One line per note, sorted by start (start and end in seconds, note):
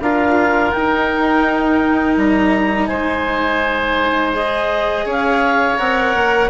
0.00 0.72 D4
0.00 0.75 F4
0.00 2.88 A#4
0.00 0.71 F5
0.71 2.17 D#4
0.71 4.33 D#4
0.71 2.15 G5
2.17 2.89 G3
2.17 2.86 A#5
2.86 5.05 G#3
2.86 5.05 C5
2.86 4.31 G#5
4.33 5.77 G#4
4.33 5.07 D#5
5.05 5.77 C#4
5.05 6.49 C#5
5.05 5.78 F5
5.77 6.15 C4
5.77 6.49 A#4
5.77 6.50 F#5
6.15 6.50 A#3